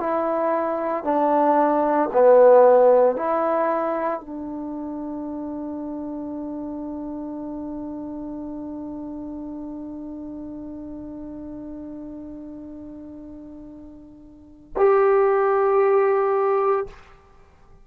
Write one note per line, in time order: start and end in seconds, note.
0.00 1.04 E4
1.04 2.10 D4
2.13 3.16 B3
3.16 4.21 E4
4.21 14.74 D4
14.77 16.87 G4